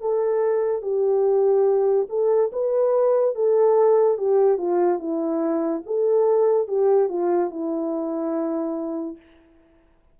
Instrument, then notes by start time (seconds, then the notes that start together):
horn
0.00 A4
0.82 G4
2.09 A4
2.52 B4
3.35 A4
4.17 G4
4.57 F4
4.98 E4
5.85 A4
6.67 G4
7.08 F4
7.50 E4